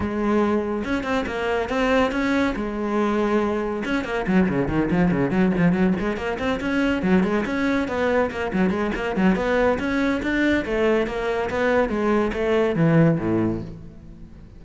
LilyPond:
\new Staff \with { instrumentName = "cello" } { \time 4/4 \tempo 4 = 141 gis2 cis'8 c'8 ais4 | c'4 cis'4 gis2~ | gis4 cis'8 ais8 fis8 cis8 dis8 f8 | cis8 fis8 f8 fis8 gis8 ais8 c'8 cis'8~ |
cis'8 fis8 gis8 cis'4 b4 ais8 | fis8 gis8 ais8 fis8 b4 cis'4 | d'4 a4 ais4 b4 | gis4 a4 e4 a,4 | }